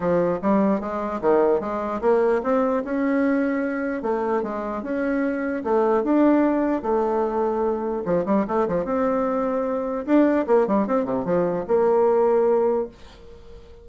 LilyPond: \new Staff \with { instrumentName = "bassoon" } { \time 4/4 \tempo 4 = 149 f4 g4 gis4 dis4 | gis4 ais4 c'4 cis'4~ | cis'2 a4 gis4 | cis'2 a4 d'4~ |
d'4 a2. | f8 g8 a8 f8 c'2~ | c'4 d'4 ais8 g8 c'8 c8 | f4 ais2. | }